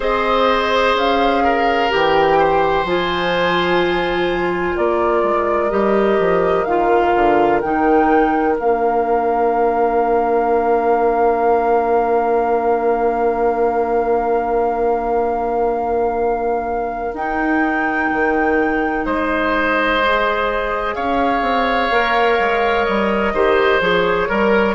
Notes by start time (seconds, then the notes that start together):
0.00 C4 G#4 C5 D#5
0.94 C#4 F5
1.43 A#4
1.89 E3 G4 G5
2.39 C5
2.84 F3 F4 G#5
4.75 A#3 A#4 D5
5.23 G#3
5.69 G3 G4 D#5
6.19 F3
6.64 D#3 F4 F5
7.15 D3
7.60 D#3 D#4 G5
8.57 A#3 D4 F5
17.13 D#4 G5
18.12 D#3
19.05 G#3 C5 D#5
20.01 G#4
20.94 C#4 C#5 F5
21.41 C4
21.91 A#3 A#4
22.39 G#3
22.85 G3 D#5
23.33 D#3 G4 C5
23.80 F3 G#4 C#5
24.27 G3 A#4